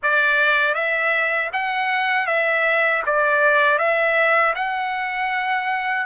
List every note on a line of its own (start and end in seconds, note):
0.02 0.74 D5
0.74 1.50 E5
1.53 2.26 F#5
2.26 3.02 E5
3.06 3.78 D5
3.78 4.54 E5
4.55 6.06 F#5